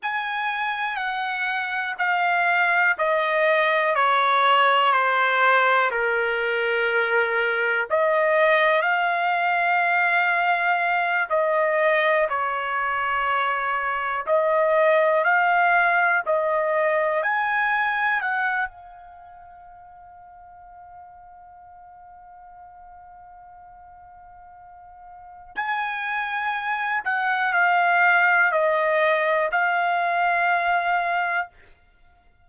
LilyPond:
\new Staff \with { instrumentName = "trumpet" } { \time 4/4 \tempo 4 = 61 gis''4 fis''4 f''4 dis''4 | cis''4 c''4 ais'2 | dis''4 f''2~ f''8 dis''8~ | dis''8 cis''2 dis''4 f''8~ |
f''8 dis''4 gis''4 fis''8 f''4~ | f''1~ | f''2 gis''4. fis''8 | f''4 dis''4 f''2 | }